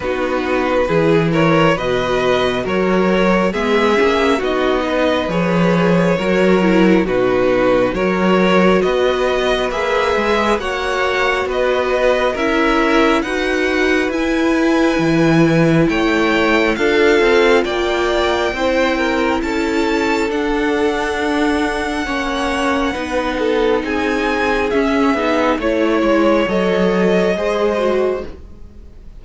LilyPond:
<<
  \new Staff \with { instrumentName = "violin" } { \time 4/4 \tempo 4 = 68 b'4. cis''8 dis''4 cis''4 | e''4 dis''4 cis''2 | b'4 cis''4 dis''4 e''4 | fis''4 dis''4 e''4 fis''4 |
gis''2 g''4 f''4 | g''2 a''4 fis''4~ | fis''2. gis''4 | e''4 cis''4 dis''2 | }
  \new Staff \with { instrumentName = "violin" } { \time 4/4 fis'4 gis'8 ais'8 b'4 ais'4 | gis'4 fis'8 b'4. ais'4 | fis'4 ais'4 b'2 | cis''4 b'4 ais'4 b'4~ |
b'2 cis''4 a'4 | d''4 c''8 ais'8 a'2~ | a'4 cis''4 b'8 a'8 gis'4~ | gis'4 cis''2 c''4 | }
  \new Staff \with { instrumentName = "viola" } { \time 4/4 dis'4 e'4 fis'2 | b8 cis'8 dis'4 gis'4 fis'8 e'8 | dis'4 fis'2 gis'4 | fis'2 e'4 fis'4 |
e'2. f'4~ | f'4 e'2 d'4~ | d'4 cis'4 dis'2 | cis'8 dis'8 e'4 a'4 gis'8 fis'8 | }
  \new Staff \with { instrumentName = "cello" } { \time 4/4 b4 e4 b,4 fis4 | gis8 ais8 b4 f4 fis4 | b,4 fis4 b4 ais8 gis8 | ais4 b4 cis'4 dis'4 |
e'4 e4 a4 d'8 c'8 | ais4 c'4 cis'4 d'4~ | d'4 ais4 b4 c'4 | cis'8 b8 a8 gis8 fis4 gis4 | }
>>